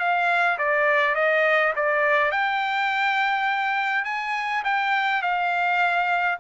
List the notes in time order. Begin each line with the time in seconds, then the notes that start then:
0.00 F5
0.59 D5
1.16 D#5
1.76 D5
2.32 G5
4.05 G#5
4.65 G5
5.23 F5